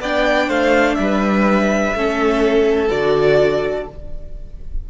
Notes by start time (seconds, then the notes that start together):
0.00 B3 D4 D5 G5
0.48 A3 C5 F5
0.94 G3 E5
1.00 B4
1.94 A3 C#4 A4
2.88 D3 F#4 D5